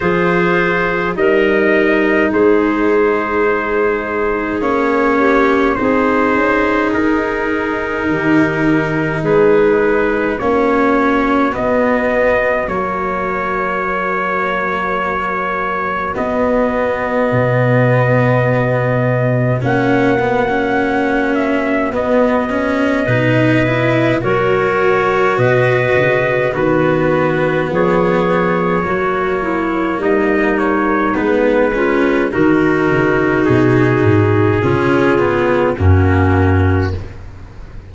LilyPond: <<
  \new Staff \with { instrumentName = "trumpet" } { \time 4/4 \tempo 4 = 52 c''4 dis''4 c''2 | cis''4 c''4 ais'2 | b'4 cis''4 dis''4 cis''4~ | cis''2 dis''2~ |
dis''4 fis''4. e''8 dis''4~ | dis''4 cis''4 dis''4 b'4 | cis''2 dis''8 cis''8 b'4 | ais'4 gis'2 fis'4 | }
  \new Staff \with { instrumentName = "clarinet" } { \time 4/4 gis'4 ais'4 gis'2~ | gis'8 g'8 gis'2 g'4 | gis'4 fis'2.~ | fis'1~ |
fis'1 | b'4 ais'4 b'4 fis'4 | gis'4 fis'8 e'8 dis'4. f'8 | fis'2 f'4 cis'4 | }
  \new Staff \with { instrumentName = "cello" } { \time 4/4 f'4 dis'2. | cis'4 dis'2.~ | dis'4 cis'4 b4 ais4~ | ais2 b2~ |
b4 cis'8 b16 cis'4~ cis'16 b8 cis'8 | dis'8 e'8 fis'2 b4~ | b4 ais2 b8 cis'8 | dis'2 cis'8 b8 ais4 | }
  \new Staff \with { instrumentName = "tuba" } { \time 4/4 f4 g4 gis2 | ais4 c'8 cis'8 dis'4 dis4 | gis4 ais4 b4 fis4~ | fis2 b4 b,4~ |
b,4 ais2 b4 | b,4 fis4 b,8 cis8 dis4 | f4 fis4 g4 gis4 | dis8 cis8 b,8 gis,8 cis4 fis,4 | }
>>